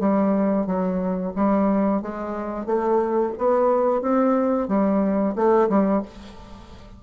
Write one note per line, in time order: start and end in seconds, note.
0.00 0.66 G3
0.66 1.33 F#3
1.36 2.02 G3
2.02 2.66 G#3
2.66 3.33 A3
3.38 4.02 B3
4.02 4.68 C4
4.68 5.35 G3
5.35 5.69 A3
5.69 6.02 G3